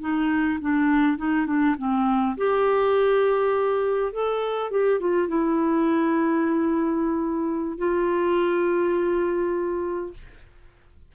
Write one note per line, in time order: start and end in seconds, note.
0.00 0.59 D#4
0.60 1.17 D4
1.17 1.46 D#4
1.46 1.75 D4
1.78 2.36 C4
2.37 4.12 G4
4.12 4.70 A4
4.70 5.00 G4
5.00 5.28 F4
5.28 7.78 E4
7.78 10.13 F4